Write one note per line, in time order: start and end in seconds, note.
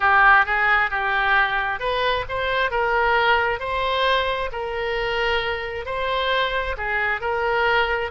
0.00 0.45 G4
0.45 0.90 G#4
0.90 1.79 G4
1.79 2.24 B4
2.28 2.70 C5
2.70 3.59 A#4
3.59 4.50 C5
4.51 5.85 A#4
5.85 6.75 C5
6.77 7.20 G#4
7.20 8.10 A#4